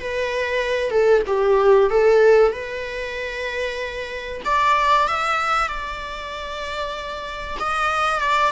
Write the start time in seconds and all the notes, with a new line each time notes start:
0.00 B4
0.91 A4
1.27 G4
1.90 A4
2.52 B4
4.45 D5
5.08 E5
5.68 D5
7.60 D#5
8.20 D5